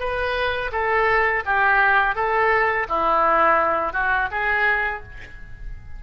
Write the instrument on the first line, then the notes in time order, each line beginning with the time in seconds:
oboe
0.00 B4
0.72 A4
1.46 G4
2.16 A4
2.89 E4
3.94 F#4
4.32 G#4